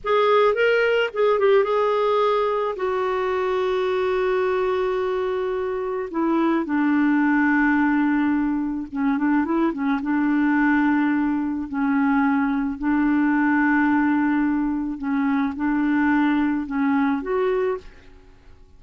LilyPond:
\new Staff \with { instrumentName = "clarinet" } { \time 4/4 \tempo 4 = 108 gis'4 ais'4 gis'8 g'8 gis'4~ | gis'4 fis'2.~ | fis'2. e'4 | d'1 |
cis'8 d'8 e'8 cis'8 d'2~ | d'4 cis'2 d'4~ | d'2. cis'4 | d'2 cis'4 fis'4 | }